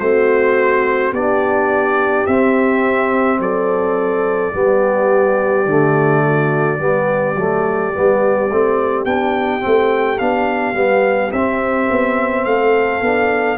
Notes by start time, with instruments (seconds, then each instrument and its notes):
0.00 tuba A3, trombone C4, horn F#4, trumpet C5
1.12 tuba B3, trombone D4, horn G4, trumpet D5
2.27 tuba C4, trombone C4, trumpet E5
3.39 tuba F#3, horn A4, trumpet D5
4.53 tuba G3, trombone B3, horn G4
5.66 tuba D3, trombone A3
6.26 horn F#4
6.79 tuba G3, trombone B3, horn G4
7.35 tuba F#3, trombone A3
7.93 tuba G3, trombone B3
8.50 tuba A3, trombone C4
9.05 tuba B3, trombone D4, trumpet G5
9.60 tuba A3, trombone C4
10.18 tuba B3, trombone D4, trumpet F5
10.74 tuba G3, trombone B3
11.32 tuba C4, trombone C4, trumpet E5
11.91 tuba B3
12.45 tuba A3, horn A4, trumpet F5
13.01 tuba B3, trombone D4